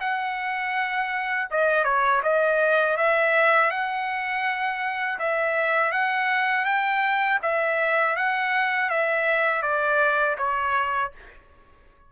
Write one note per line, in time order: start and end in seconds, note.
0.00 1.48 F#5
1.50 1.84 D#5
1.84 2.21 C#5
2.23 2.97 D#5
2.97 3.70 E5
3.70 5.19 F#5
5.19 5.92 E5
5.92 6.65 F#5
6.65 7.39 G5
7.42 8.16 E5
8.16 8.90 F#5
8.90 9.62 E5
9.62 10.36 D5
10.37 11.11 C#5